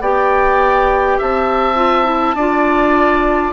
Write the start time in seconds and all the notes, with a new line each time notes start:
0.00 B3 G4 D5 G5
1.18 C4 E5 A5
1.75 F4
2.04 E4
2.35 D4 F4 D5